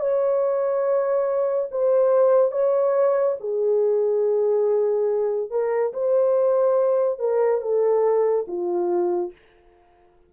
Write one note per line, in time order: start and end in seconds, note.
0.00 1.69 C#5
1.71 2.52 C5
2.52 3.36 C#5
3.40 5.50 G#4
5.50 5.93 A#4
5.93 7.19 C5
7.19 7.61 A#4
7.61 8.46 A4
8.48 9.32 F4